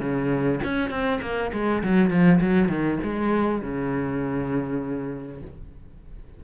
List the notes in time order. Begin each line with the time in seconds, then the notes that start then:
0.00 C#3
0.64 C#4
0.90 C4
1.22 A#3
1.53 G#3
1.83 F#3
2.10 F3
2.41 F#3
2.69 D#3
3.04 G#3
3.62 C#3